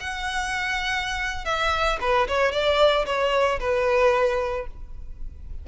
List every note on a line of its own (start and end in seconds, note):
0.00 1.45 F#5
1.45 1.98 E5
2.00 2.27 B4
2.27 2.52 C#5
2.52 3.05 D5
3.06 3.59 C#5
3.60 4.67 B4